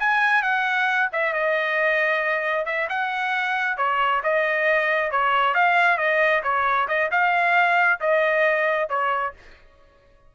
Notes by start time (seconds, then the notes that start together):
0.00 G#5
0.43 F#5
1.13 E5
1.34 D#5
2.66 E5
2.89 F#5
3.78 C#5
4.23 D#5
5.12 C#5
5.55 F5
5.98 D#5
6.44 C#5
6.88 D#5
7.12 F5
8.01 D#5
8.89 C#5